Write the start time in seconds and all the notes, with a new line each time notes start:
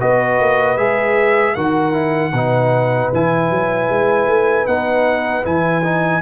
0.00 B3 F#4 B4 D#5
0.40 A#3
0.77 G#3 G#4 E5
1.55 D#3 F#4 A#4 F#5
1.93 E4
2.33 B2 D#4 B4
3.13 E3 E4 G#5
3.50 F#3
3.90 G#3
4.27 A3
4.67 B3 D#4 F#5
5.43 E3 E4 G#5
5.83 D#4